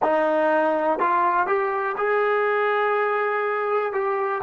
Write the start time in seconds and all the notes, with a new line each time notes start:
0.02 D#4
0.99 F4
1.47 G4
1.97 G#4
3.92 G4